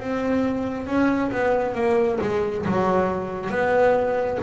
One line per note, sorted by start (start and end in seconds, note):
0.00 0.87 C4
0.87 1.31 C#4
1.32 1.75 B3
1.75 2.19 A#3
2.21 2.66 G#3
2.66 3.50 F#3
3.50 4.38 B3